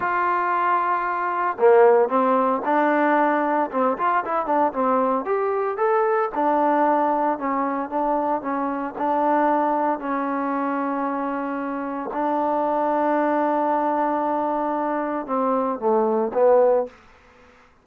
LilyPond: \new Staff \with { instrumentName = "trombone" } { \time 4/4 \tempo 4 = 114 f'2. ais4 | c'4 d'2 c'8 f'8 | e'8 d'8 c'4 g'4 a'4 | d'2 cis'4 d'4 |
cis'4 d'2 cis'4~ | cis'2. d'4~ | d'1~ | d'4 c'4 a4 b4 | }